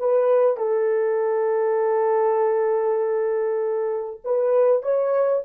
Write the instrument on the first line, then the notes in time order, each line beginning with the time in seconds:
horn
0.00 B4
0.57 A4
4.25 B4
4.83 C#5